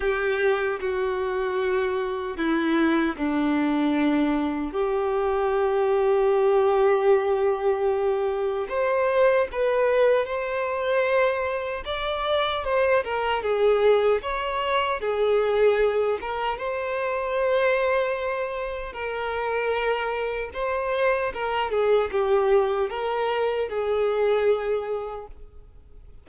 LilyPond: \new Staff \with { instrumentName = "violin" } { \time 4/4 \tempo 4 = 76 g'4 fis'2 e'4 | d'2 g'2~ | g'2. c''4 | b'4 c''2 d''4 |
c''8 ais'8 gis'4 cis''4 gis'4~ | gis'8 ais'8 c''2. | ais'2 c''4 ais'8 gis'8 | g'4 ais'4 gis'2 | }